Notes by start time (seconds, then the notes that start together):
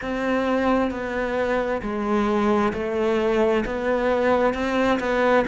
0.01 C4
0.90 B3
1.82 G#3
2.73 A3
3.65 B3
4.53 C4
4.99 B3